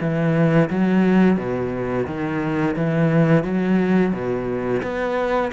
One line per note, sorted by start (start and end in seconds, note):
0.00 0.69 E3
0.69 1.37 F#3
1.37 2.06 B2
2.06 2.75 D#3
2.76 3.43 E3
3.43 4.12 F#3
4.12 4.81 B2
4.82 5.51 B3